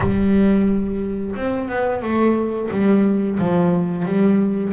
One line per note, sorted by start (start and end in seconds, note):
0.00 1.35 G3
1.35 1.68 C4
1.68 2.02 B3
2.02 2.69 A3
2.71 3.38 G3
3.39 4.05 F3
4.05 4.72 G3